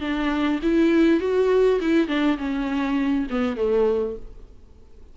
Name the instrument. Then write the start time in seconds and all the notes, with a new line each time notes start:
viola
0.00 D4
0.62 E4
1.20 F#4
1.80 E4
2.07 D4
2.38 C#4
3.30 B3
3.56 A3